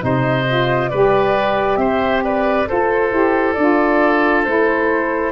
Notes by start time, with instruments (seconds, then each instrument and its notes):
0.00 tuba C3, saxophone D#4, oboe C5, flute D#5
0.47 saxophone F4
0.89 tuba G3, saxophone G4, oboe B4, flute D5
1.76 tuba C4, oboe C5, flute E5
2.24 oboe B4, flute D5
2.65 saxophone A4, oboe A4, flute C5
2.72 tuba F4
3.10 tuba E4, saxophone G4
3.53 tuba D4, saxophone F4, flute D5
4.44 tuba A3, saxophone E4, flute C5